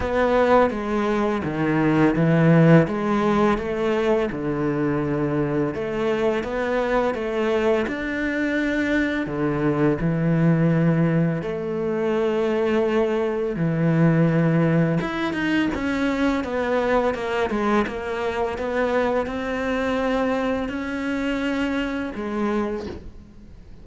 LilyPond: \new Staff \with { instrumentName = "cello" } { \time 4/4 \tempo 4 = 84 b4 gis4 dis4 e4 | gis4 a4 d2 | a4 b4 a4 d'4~ | d'4 d4 e2 |
a2. e4~ | e4 e'8 dis'8 cis'4 b4 | ais8 gis8 ais4 b4 c'4~ | c'4 cis'2 gis4 | }